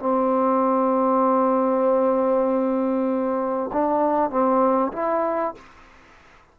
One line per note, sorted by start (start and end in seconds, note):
0.00 3.71 C4
3.73 4.30 D4
4.30 4.92 C4
4.93 5.55 E4